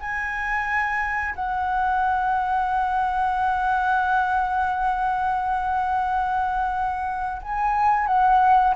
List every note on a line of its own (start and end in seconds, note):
0.00 1.35 G#5
1.35 7.42 F#5
7.42 8.07 G#5
8.07 8.74 F#5